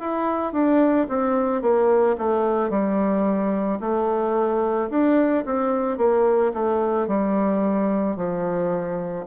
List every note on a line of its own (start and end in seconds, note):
0.00 0.53 E4
0.53 1.07 D4
1.09 1.62 C4
1.62 2.16 A#3
2.18 2.70 A3
2.70 3.79 G3
3.80 4.89 A3
4.89 5.44 D4
5.45 5.98 C4
5.98 6.52 A#3
6.53 7.08 A3
7.08 8.16 G3
8.16 9.25 F3